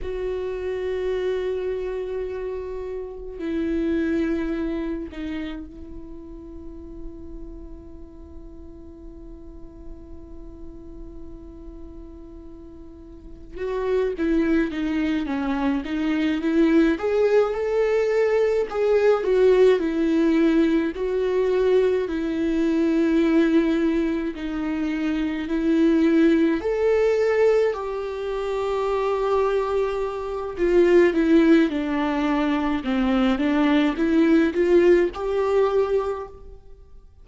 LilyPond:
\new Staff \with { instrumentName = "viola" } { \time 4/4 \tempo 4 = 53 fis'2. e'4~ | e'8 dis'8 e'2.~ | e'1 | fis'8 e'8 dis'8 cis'8 dis'8 e'8 gis'8 a'8~ |
a'8 gis'8 fis'8 e'4 fis'4 e'8~ | e'4. dis'4 e'4 a'8~ | a'8 g'2~ g'8 f'8 e'8 | d'4 c'8 d'8 e'8 f'8 g'4 | }